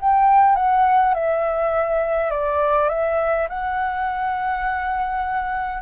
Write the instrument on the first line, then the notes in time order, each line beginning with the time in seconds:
flute
0.00 G5
0.56 F#5
1.15 E5
2.31 D5
2.89 E5
3.49 F#5